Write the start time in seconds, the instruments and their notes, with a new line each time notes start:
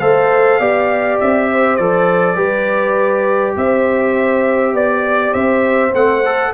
0.00 tuba A3, trombone A4, horn C5, trumpet F5
0.60 tuba B3, trombone G4, horn D5
1.21 tuba C4, trumpet E5
1.52 horn C5
1.77 tuba F3, trombone A4, trumpet D5
2.36 tuba G3, trombone G4, horn B4
3.57 tuba C4, horn C5, trumpet E5
4.74 tuba B3, horn D5, trumpet D5
5.33 tuba C4, horn C5, trumpet E5
5.94 tuba A3, trombone C4, trumpet F#5
6.26 trombone A4